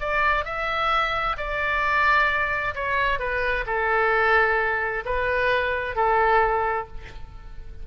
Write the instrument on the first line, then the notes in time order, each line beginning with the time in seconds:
oboe
0.00 D5
0.45 E5
1.37 D5
2.75 C#5
3.19 B4
3.67 A4
5.05 B4
5.96 A4